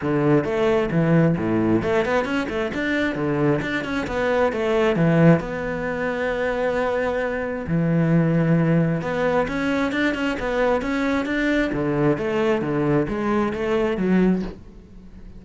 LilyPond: \new Staff \with { instrumentName = "cello" } { \time 4/4 \tempo 4 = 133 d4 a4 e4 a,4 | a8 b8 cis'8 a8 d'4 d4 | d'8 cis'8 b4 a4 e4 | b1~ |
b4 e2. | b4 cis'4 d'8 cis'8 b4 | cis'4 d'4 d4 a4 | d4 gis4 a4 fis4 | }